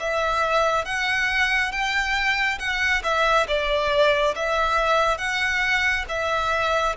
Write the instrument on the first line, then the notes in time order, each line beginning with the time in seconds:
violin
0.00 E5
0.85 F#5
1.72 G5
2.59 F#5
3.03 E5
3.48 D5
4.36 E5
5.18 F#5
6.09 E5